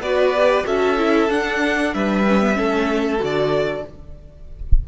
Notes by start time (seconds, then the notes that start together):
0.00 B3 F#4 B4 D5
0.36 G4
0.65 C#4 F#4 A4 E5
0.97 E4
1.29 D4 F#5
1.94 G3 B4 E5
2.27 C#4
2.41 B3
2.53 A3 C#4 A4
3.19 D3 F#4 D5